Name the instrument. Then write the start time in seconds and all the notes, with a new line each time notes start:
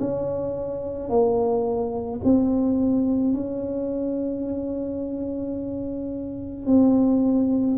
tuba
0.00 C#4
1.10 A#3
2.24 C4
3.34 C#4
6.67 C4